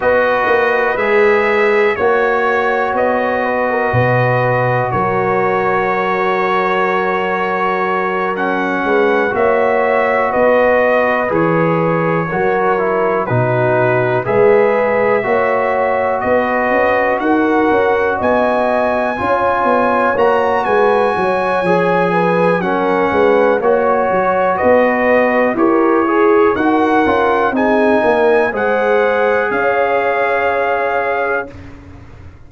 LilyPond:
<<
  \new Staff \with { instrumentName = "trumpet" } { \time 4/4 \tempo 4 = 61 dis''4 e''4 cis''4 dis''4~ | dis''4 cis''2.~ | cis''8 fis''4 e''4 dis''4 cis''8~ | cis''4. b'4 e''4.~ |
e''8 dis''4 fis''4 gis''4.~ | gis''8 ais''8 gis''2 fis''4 | cis''4 dis''4 cis''4 fis''4 | gis''4 fis''4 f''2 | }
  \new Staff \with { instrumentName = "horn" } { \time 4/4 b'2 cis''4. b'16 ais'16 | b'4 ais'2.~ | ais'4 b'8 cis''4 b'4.~ | b'8 ais'4 fis'4 b'4 cis''8~ |
cis''8 b'4 ais'4 dis''4 cis''8~ | cis''4 b'8 cis''4 b'8 ais'8 b'8 | cis''4 b'4 ais'8 gis'8 ais'4 | gis'8 ais'8 c''4 cis''2 | }
  \new Staff \with { instrumentName = "trombone" } { \time 4/4 fis'4 gis'4 fis'2~ | fis'1~ | fis'8 cis'4 fis'2 gis'8~ | gis'8 fis'8 e'8 dis'4 gis'4 fis'8~ |
fis'2.~ fis'8 f'8~ | f'8 fis'4. gis'4 cis'4 | fis'2 g'8 gis'8 fis'8 f'8 | dis'4 gis'2. | }
  \new Staff \with { instrumentName = "tuba" } { \time 4/4 b8 ais8 gis4 ais4 b4 | b,4 fis2.~ | fis4 gis8 ais4 b4 e8~ | e8 fis4 b,4 gis4 ais8~ |
ais8 b8 cis'8 dis'8 cis'8 b4 cis'8 | b8 ais8 gis8 fis8 f4 fis8 gis8 | ais8 fis8 b4 e'4 dis'8 cis'8 | c'8 ais8 gis4 cis'2 | }
>>